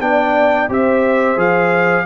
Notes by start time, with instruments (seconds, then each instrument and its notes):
0.00 tuba B3, trombone D4, horn D5, trumpet G5
0.68 tuba C4, trombone G4, horn C5, trumpet E5
1.36 tuba F3, trombone G#4, trumpet F5